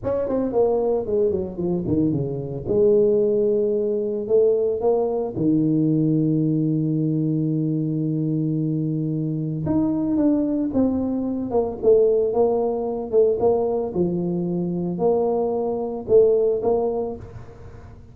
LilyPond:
\new Staff \with { instrumentName = "tuba" } { \time 4/4 \tempo 4 = 112 cis'8 c'8 ais4 gis8 fis8 f8 dis8 | cis4 gis2. | a4 ais4 dis2~ | dis1~ |
dis2 dis'4 d'4 | c'4. ais8 a4 ais4~ | ais8 a8 ais4 f2 | ais2 a4 ais4 | }